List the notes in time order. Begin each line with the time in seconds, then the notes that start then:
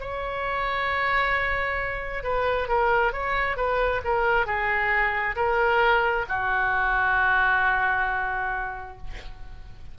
0.00 C#5
2.23 B4
2.68 A#4
3.13 C#5
3.57 B4
4.04 A#4
4.46 G#4
5.36 A#4
6.29 F#4